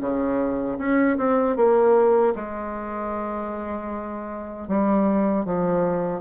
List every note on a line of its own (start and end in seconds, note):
0.00 0.78 C#3
0.78 1.17 C#4
1.17 1.56 C4
1.56 2.34 A#3
2.35 4.68 G#3
4.68 5.45 G3
5.45 6.20 F3